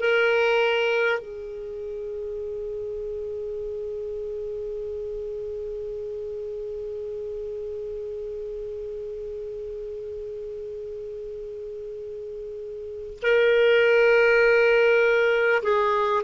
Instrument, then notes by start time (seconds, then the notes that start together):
clarinet
0.00 A#4
1.19 G#4
13.22 A#4
15.63 G#4